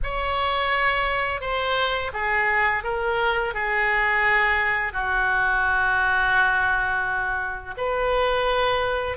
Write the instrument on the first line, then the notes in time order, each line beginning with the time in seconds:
oboe
0.03 C#5
1.41 C5
2.13 G#4
2.83 A#4
3.54 G#4
4.92 F#4
7.77 B4